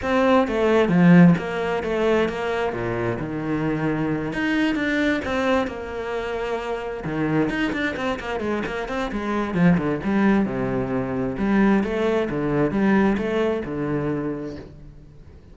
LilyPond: \new Staff \with { instrumentName = "cello" } { \time 4/4 \tempo 4 = 132 c'4 a4 f4 ais4 | a4 ais4 ais,4 dis4~ | dis4. dis'4 d'4 c'8~ | c'8 ais2. dis8~ |
dis8 dis'8 d'8 c'8 ais8 gis8 ais8 c'8 | gis4 f8 d8 g4 c4~ | c4 g4 a4 d4 | g4 a4 d2 | }